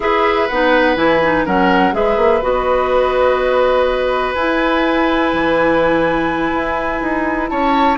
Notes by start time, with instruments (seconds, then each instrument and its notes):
0.00 bassoon E4, clarinet G#4, oboe B4, flute E5
0.48 bassoon B3, clarinet D#4, flute F#5
0.96 bassoon E3, clarinet E4, flute G#5
1.23 clarinet D#4
1.45 bassoon F#3, clarinet C#4, oboe A#4, flute F#5
1.92 bassoon G#3, clarinet G#4, oboe B4, flute E5
2.16 bassoon A#3
2.41 bassoon B3, clarinet F#4, flute D#5
4.33 bassoon E4, clarinet E4, flute G#5
5.33 bassoon E3
6.52 bassoon E4
7.01 bassoon D#4
7.48 bassoon C#4, oboe C#5, flute A5